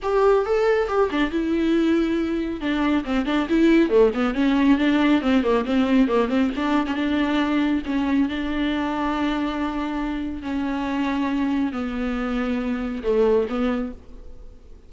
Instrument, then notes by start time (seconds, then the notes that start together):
viola
0.02 G4
0.45 A4
0.87 G4
1.10 D4
1.30 E4
2.60 D4
3.04 C4
3.25 D4
3.49 E4
3.89 A3
4.14 B3
4.34 C#4
4.77 D4
5.21 C4
5.43 A#3
5.65 C4
6.08 A#3
6.28 C4
6.56 D4
6.86 C#4
6.95 D4
7.85 C#4
8.28 D4
10.42 C#4
11.72 B3
13.03 A3
13.49 B3